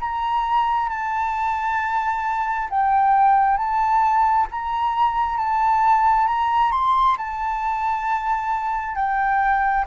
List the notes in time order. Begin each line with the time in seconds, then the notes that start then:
0.00 A#5
0.90 A5
2.70 G5
3.58 A5
4.51 A#5
5.38 A5
6.27 A#5
6.72 C6
7.18 A5
8.96 G5